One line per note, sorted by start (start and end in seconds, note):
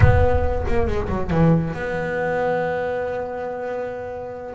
0.00 0.65 B3
0.68 0.87 A#3
0.87 1.08 G#3
1.09 1.30 F#3
1.30 1.73 E3
1.73 4.54 B3